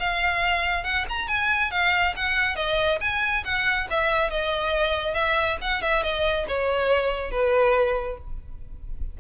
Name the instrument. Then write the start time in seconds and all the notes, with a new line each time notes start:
violin
0.00 F5
0.84 F#5
1.09 A#5
1.28 G#5
1.71 F5
2.16 F#5
2.56 D#5
3.01 G#5
3.45 F#5
3.90 E5
4.30 D#5
5.14 E5
5.62 F#5
5.82 E5
6.03 D#5
6.48 C#5
7.31 B4